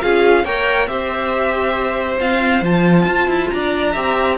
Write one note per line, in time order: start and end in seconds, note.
0.00 0.44 C#4
0.00 0.44 F4
0.00 0.45 G#4
0.00 0.45 F5
0.44 0.87 A#3
0.44 0.87 A#4
0.44 0.89 C#5
0.44 0.87 G5
0.87 2.18 C4
0.87 2.18 G4
0.87 3.53 C5
0.87 2.18 E5
2.19 2.62 C4
2.19 2.61 F4
2.19 2.64 F5
2.61 3.05 F3
2.61 3.94 F4
2.61 3.50 A5
3.05 3.27 F4
3.27 3.49 E4
3.50 3.95 D4
3.50 3.92 D5
3.50 4.37 A#5
3.92 4.37 C4
3.92 4.37 G4
3.92 4.35 E5